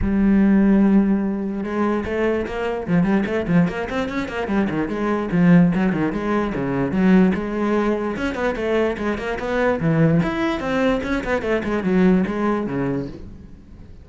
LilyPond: \new Staff \with { instrumentName = "cello" } { \time 4/4 \tempo 4 = 147 g1 | gis4 a4 ais4 f8 g8 | a8 f8 ais8 c'8 cis'8 ais8 g8 dis8 | gis4 f4 fis8 dis8 gis4 |
cis4 fis4 gis2 | cis'8 b8 a4 gis8 ais8 b4 | e4 e'4 c'4 cis'8 b8 | a8 gis8 fis4 gis4 cis4 | }